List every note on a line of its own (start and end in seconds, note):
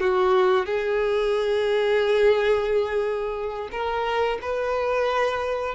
0.00 0.66 F#4
0.66 3.69 G#4
3.71 4.39 A#4
4.42 5.75 B4